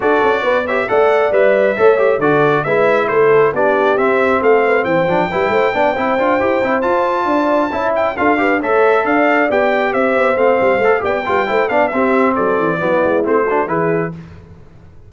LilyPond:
<<
  \new Staff \with { instrumentName = "trumpet" } { \time 4/4 \tempo 4 = 136 d''4. e''8 fis''4 e''4~ | e''4 d''4 e''4 c''4 | d''4 e''4 f''4 g''4~ | g''2.~ g''8 a''8~ |
a''2 g''8 f''4 e''8~ | e''8 f''4 g''4 e''4 f''8~ | f''4 g''4. f''8 e''4 | d''2 c''4 b'4 | }
  \new Staff \with { instrumentName = "horn" } { \time 4/4 a'4 b'8 cis''8 d''2 | cis''4 a'4 b'4 a'4 | g'2 a'8 b'8 c''4 | b'8 c''8 d''8 c''2~ c''8~ |
c''8 d''4 e''4 a'8 b'8 cis''8~ | cis''8 d''2 c''4.~ | c''4 d''8 b'8 c''8 d''8 g'4 | a'4 e'4. fis'8 gis'4 | }
  \new Staff \with { instrumentName = "trombone" } { \time 4/4 fis'4. g'8 a'4 b'4 | a'8 g'8 fis'4 e'2 | d'4 c'2~ c'8 d'8 | e'4 d'8 e'8 f'8 g'8 e'8 f'8~ |
f'4. e'4 f'8 g'8 a'8~ | a'4. g'2 c'8~ | c'8 a'8 g'8 f'8 e'8 d'8 c'4~ | c'4 b4 c'8 d'8 e'4 | }
  \new Staff \with { instrumentName = "tuba" } { \time 4/4 d'8 cis'8 b4 a4 g4 | a4 d4 gis4 a4 | b4 c'4 a4 e8 f8 | g8 a8 b8 c'8 d'8 e'8 c'8 f'8~ |
f'8 d'4 cis'4 d'4 a8~ | a8 d'4 b4 c'8 b8 a8 | g8 a8 b8 g8 a8 b8 c'4 | fis8 e8 fis8 gis8 a4 e4 | }
>>